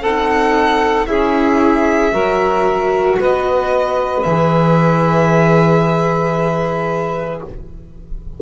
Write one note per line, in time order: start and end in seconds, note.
0.00 1.05 C4
0.00 1.07 D#4
0.00 1.06 A4
0.00 1.07 F#5
1.07 2.12 C#4
1.07 2.11 E4
1.07 2.13 G#4
1.07 3.17 E5
2.11 3.18 F#3
2.11 4.22 F#4
2.11 3.18 A#4
3.19 4.25 B3
3.19 7.40 B4
3.19 4.23 D#5
4.23 7.41 E3
4.23 7.41 G#4
4.23 7.39 E5